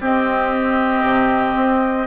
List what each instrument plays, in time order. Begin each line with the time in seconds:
0.00 bassoon C4, clarinet C4, oboe G4, flute D#5
1.02 bassoon C3
1.55 bassoon C4